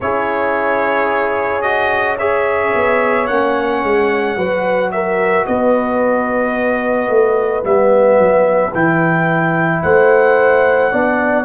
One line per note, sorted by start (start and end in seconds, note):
0.00 2.73 C#4
0.00 1.62 E4
0.00 2.18 G#4
0.00 1.61 C#5
1.61 2.17 F#4
1.61 2.16 D#5
2.18 3.28 G#4
2.18 4.36 C#5
2.18 3.26 E5
2.74 3.28 B3
3.26 3.82 A#3
3.26 4.36 C#4
3.26 4.90 F#5
3.82 4.35 G#3
4.35 5.45 F#3
4.35 7.62 F#4
4.35 4.91 B4
4.91 5.48 A#4
4.91 5.45 E5
5.46 7.08 B3
5.46 9.82 B4
5.46 7.64 D#5
7.08 7.63 A3
7.62 8.18 G3
7.62 8.71 B3
7.62 8.74 E5
8.18 8.72 F#3
8.74 9.83 E3
8.74 10.92 E4
8.74 9.82 G5
9.82 10.92 A3
9.82 10.91 C5
9.82 11.45 F#5
10.91 11.45 B3
10.91 11.45 D4
10.91 11.45 D5